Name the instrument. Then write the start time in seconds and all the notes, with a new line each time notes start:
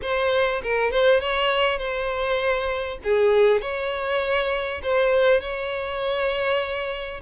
violin
0.02 C5
0.62 A#4
0.91 C5
1.20 C#5
1.78 C5
3.03 G#4
3.61 C#5
4.82 C5
5.40 C#5